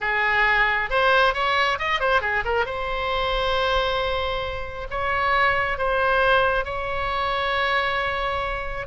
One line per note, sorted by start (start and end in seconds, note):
0.01 0.89 G#4
0.89 1.34 C5
1.34 1.78 C#5
1.78 1.99 D#5
1.99 2.21 C5
2.21 2.43 G#4
2.44 2.65 A#4
2.65 4.87 C5
4.90 5.78 C#5
5.78 6.64 C5
6.64 8.87 C#5